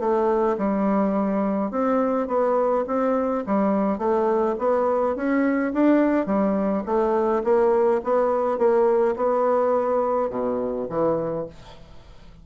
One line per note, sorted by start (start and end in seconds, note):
0.00 0.57 A3
0.58 1.71 G3
1.71 2.28 C4
2.28 2.85 B3
2.88 3.45 C4
3.47 3.99 G3
3.99 4.56 A3
4.59 5.16 B3
5.16 5.73 C#4
5.74 6.26 D4
6.26 6.84 G3
6.86 7.43 A3
7.44 8.01 A#3
8.04 8.58 B3
8.58 9.16 A#3
9.17 10.30 B3
10.30 10.87 B2
10.90 11.47 E3